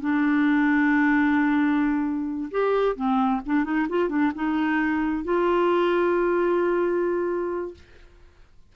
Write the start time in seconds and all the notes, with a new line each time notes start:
0.00 D4
2.51 G4
2.95 C4
3.46 D4
3.64 D#4
3.89 F4
4.09 D4
4.35 D#4
5.24 F4